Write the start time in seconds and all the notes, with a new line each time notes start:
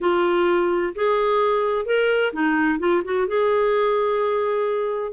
0.00 F4
0.95 G#4
1.85 A#4
2.33 D#4
2.79 F4
3.04 F#4
3.27 G#4